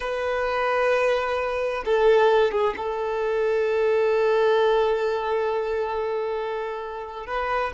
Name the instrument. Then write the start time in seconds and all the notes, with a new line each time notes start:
violin
0.00 B4
1.85 A4
2.51 G#4
2.76 A4
7.26 B4